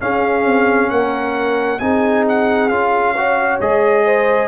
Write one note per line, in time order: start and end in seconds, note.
0.00 1.79 C#4
0.00 0.45 C#4
0.00 0.91 G#4
0.00 0.90 F5
0.45 0.90 C4
0.90 1.80 A#3
0.90 1.81 A#4
0.90 1.79 F#5
1.79 2.69 C4
1.79 2.70 D#4
1.79 3.16 G#4
1.79 2.24 G#5
2.28 2.68 F#5
2.68 3.59 C#4
2.68 3.15 F4
2.68 3.58 F5
3.17 3.61 F#4
3.17 4.05 C#5
3.60 4.48 G#3
3.60 4.48 G#4
3.60 4.48 D#5
4.05 4.48 C5